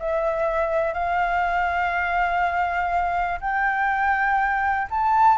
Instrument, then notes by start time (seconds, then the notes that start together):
flute
0.00 E5
0.94 F5
3.41 G5
4.91 A5